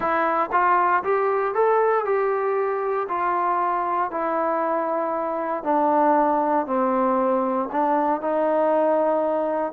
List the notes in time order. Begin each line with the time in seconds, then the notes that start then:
0.00 E4
0.52 F4
1.03 G4
1.54 A4
2.05 G4
3.08 F4
4.10 E4
5.63 D4
6.66 C4
7.72 D4
8.21 D#4